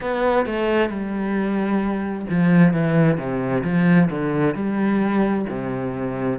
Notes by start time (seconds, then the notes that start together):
0.00 B3
0.45 A3
0.89 G3
2.29 F3
2.73 E3
3.17 C3
3.64 F3
4.10 D3
4.55 G3
5.49 C3